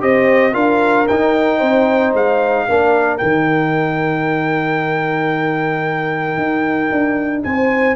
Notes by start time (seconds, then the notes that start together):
0.00 C4 G4 C5 D#5
0.53 D4 F4 A#4 F5
1.07 D#4 G5
1.58 C4 C5
2.13 G#3 F5
2.68 A#3 D4 A#4
3.18 D#3 D#4 G5
6.37 D#4
6.91 D4
7.43 C4 C5 G#5